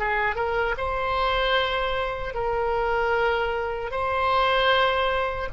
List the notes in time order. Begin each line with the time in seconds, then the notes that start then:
0.00 G#4
0.36 A#4
0.78 C5
2.35 A#4
3.91 C5